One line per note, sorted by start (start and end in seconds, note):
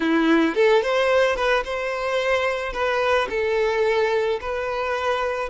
0.00 0.55 E4
0.55 0.82 A4
0.82 1.36 C5
1.36 1.63 B4
1.64 2.72 C5
2.72 3.28 B4
3.29 4.39 A4
4.40 5.49 B4